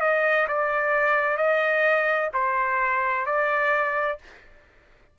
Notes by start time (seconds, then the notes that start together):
0.00 D#5
0.47 D5
1.36 D#5
2.33 C5
3.26 D5